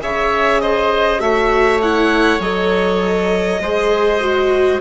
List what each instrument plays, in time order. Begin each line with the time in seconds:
0.00 bassoon C#3, viola G#4, oboe C#5, violin E5
0.61 oboe C5, violin D#5
1.19 bassoon A3, viola F#4, oboe C#5, violin E5
1.82 viola E4, violin F#5
2.40 bassoon F#3, viola A4, violin D#5
3.60 bassoon G#3, viola G#4, oboe C5
4.21 viola F#4